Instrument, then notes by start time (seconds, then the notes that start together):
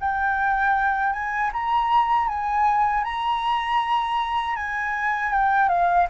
flute
0.00 G5
1.13 G#5
1.53 A#5
2.28 G#5
3.04 A#5
4.56 G#5
5.32 G5
5.69 F5